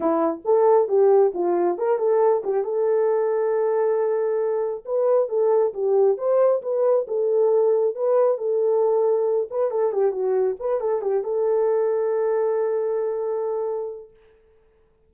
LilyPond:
\new Staff \with { instrumentName = "horn" } { \time 4/4 \tempo 4 = 136 e'4 a'4 g'4 f'4 | ais'8 a'4 g'8 a'2~ | a'2. b'4 | a'4 g'4 c''4 b'4 |
a'2 b'4 a'4~ | a'4. b'8 a'8 g'8 fis'4 | b'8 a'8 g'8 a'2~ a'8~ | a'1 | }